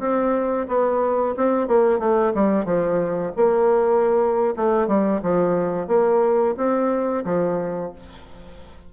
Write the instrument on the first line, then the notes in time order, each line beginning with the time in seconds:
bassoon
0.00 C4
0.68 B3
1.37 C4
1.68 A#3
2.00 A3
2.35 G3
2.66 F3
3.37 A#3
4.57 A3
4.88 G3
5.23 F3
5.88 A#3
6.57 C4
7.25 F3